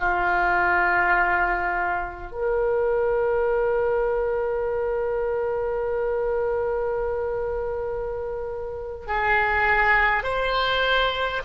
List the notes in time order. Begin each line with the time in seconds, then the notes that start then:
0.00 F4
2.32 A#4
9.07 G#4
10.24 C5